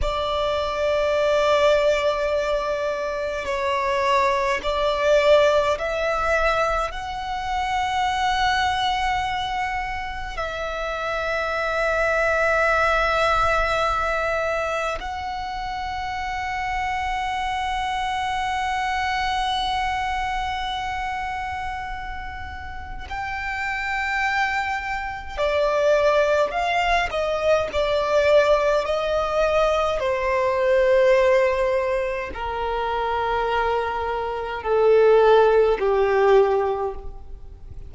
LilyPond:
\new Staff \with { instrumentName = "violin" } { \time 4/4 \tempo 4 = 52 d''2. cis''4 | d''4 e''4 fis''2~ | fis''4 e''2.~ | e''4 fis''2.~ |
fis''1 | g''2 d''4 f''8 dis''8 | d''4 dis''4 c''2 | ais'2 a'4 g'4 | }